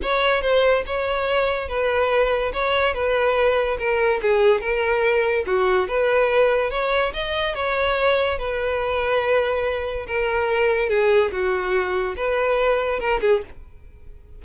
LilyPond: \new Staff \with { instrumentName = "violin" } { \time 4/4 \tempo 4 = 143 cis''4 c''4 cis''2 | b'2 cis''4 b'4~ | b'4 ais'4 gis'4 ais'4~ | ais'4 fis'4 b'2 |
cis''4 dis''4 cis''2 | b'1 | ais'2 gis'4 fis'4~ | fis'4 b'2 ais'8 gis'8 | }